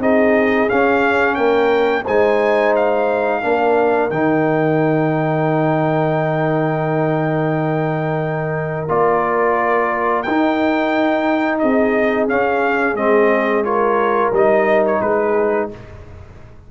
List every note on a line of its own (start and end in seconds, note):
0.00 0.68 C4
0.00 0.68 D#4
0.00 1.36 G#4
0.00 0.70 D#5
0.68 2.05 C#4
0.68 1.37 C#4
0.68 1.35 F5
1.35 2.06 A#3
1.35 2.04 A#4
1.35 2.03 G5
2.04 3.43 G#3
2.04 3.42 D#4
2.04 3.41 C5
2.04 2.75 G#5
2.76 4.10 F5
3.42 4.10 A#3
3.42 4.10 D4
3.42 11.61 A#4
4.10 8.87 D#3
4.10 8.89 D#4
4.10 8.87 G5
8.89 10.26 A#3
8.89 10.25 F4
8.89 10.22 D5
10.22 11.63 D#4
10.22 11.59 G5
10.29 12.29 D#4
11.59 12.29 C4
11.59 13.65 G#4
11.59 12.27 D#5
12.29 12.95 C#4
12.29 12.96 C#4
12.29 12.96 F5
12.95 14.31 G#3
12.95 13.64 C4
12.95 13.64 D#5
13.64 14.33 F4
13.64 15.02 A#4
13.64 14.33 C#5
14.32 15.00 G3
14.32 15.71 D#4
14.32 14.86 D#5
14.86 15.01 C#5
15.01 15.71 G#3
15.01 15.70 G#4
15.01 15.70 B4